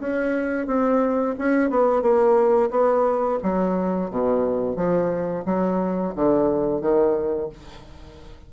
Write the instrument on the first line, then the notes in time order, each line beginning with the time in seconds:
bassoon
0.00 C#4
0.67 C4
1.39 C#4
1.70 B3
2.02 A#3
2.71 B3
3.43 F#3
4.11 B2
4.76 F3
5.46 F#3
6.15 D3
6.82 D#3